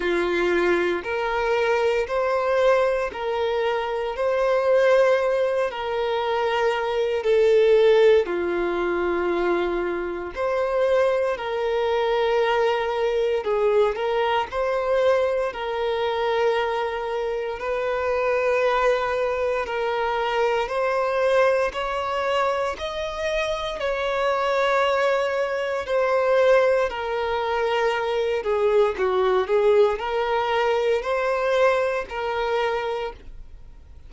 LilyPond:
\new Staff \with { instrumentName = "violin" } { \time 4/4 \tempo 4 = 58 f'4 ais'4 c''4 ais'4 | c''4. ais'4. a'4 | f'2 c''4 ais'4~ | ais'4 gis'8 ais'8 c''4 ais'4~ |
ais'4 b'2 ais'4 | c''4 cis''4 dis''4 cis''4~ | cis''4 c''4 ais'4. gis'8 | fis'8 gis'8 ais'4 c''4 ais'4 | }